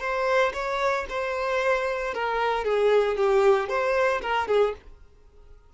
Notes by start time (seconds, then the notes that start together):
0.00 C5
0.53 C#5
1.09 C5
2.14 A#4
2.64 G#4
3.17 G4
3.69 C5
4.22 A#4
4.47 G#4